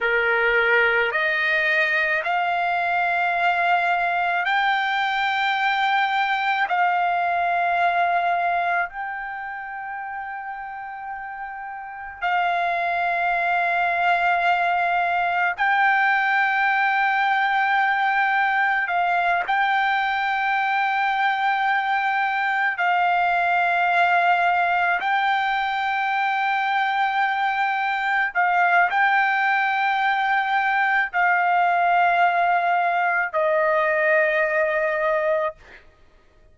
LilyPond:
\new Staff \with { instrumentName = "trumpet" } { \time 4/4 \tempo 4 = 54 ais'4 dis''4 f''2 | g''2 f''2 | g''2. f''4~ | f''2 g''2~ |
g''4 f''8 g''2~ g''8~ | g''8 f''2 g''4.~ | g''4. f''8 g''2 | f''2 dis''2 | }